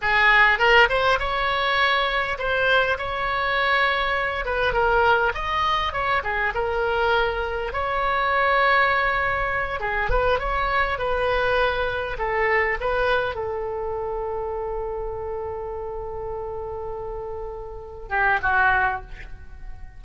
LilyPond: \new Staff \with { instrumentName = "oboe" } { \time 4/4 \tempo 4 = 101 gis'4 ais'8 c''8 cis''2 | c''4 cis''2~ cis''8 b'8 | ais'4 dis''4 cis''8 gis'8 ais'4~ | ais'4 cis''2.~ |
cis''8 gis'8 b'8 cis''4 b'4.~ | b'8 a'4 b'4 a'4.~ | a'1~ | a'2~ a'8 g'8 fis'4 | }